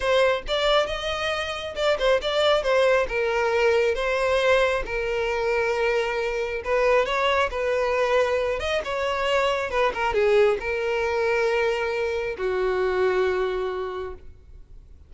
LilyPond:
\new Staff \with { instrumentName = "violin" } { \time 4/4 \tempo 4 = 136 c''4 d''4 dis''2 | d''8 c''8 d''4 c''4 ais'4~ | ais'4 c''2 ais'4~ | ais'2. b'4 |
cis''4 b'2~ b'8 dis''8 | cis''2 b'8 ais'8 gis'4 | ais'1 | fis'1 | }